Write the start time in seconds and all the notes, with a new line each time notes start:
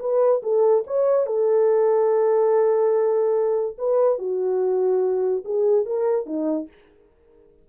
0.00 B4
0.43 A4
0.87 C#5
1.27 A4
3.78 B4
4.19 F#4
5.45 G#4
5.86 A#4
6.26 D#4